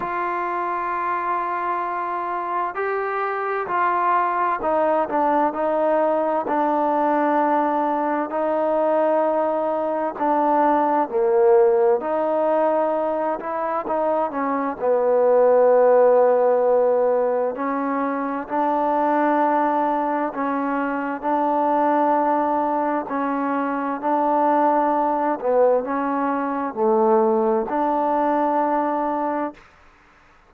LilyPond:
\new Staff \with { instrumentName = "trombone" } { \time 4/4 \tempo 4 = 65 f'2. g'4 | f'4 dis'8 d'8 dis'4 d'4~ | d'4 dis'2 d'4 | ais4 dis'4. e'8 dis'8 cis'8 |
b2. cis'4 | d'2 cis'4 d'4~ | d'4 cis'4 d'4. b8 | cis'4 a4 d'2 | }